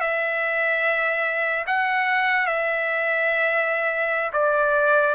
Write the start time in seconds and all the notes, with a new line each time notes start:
0.00 E5
1.67 F#5
2.46 E5
4.33 D5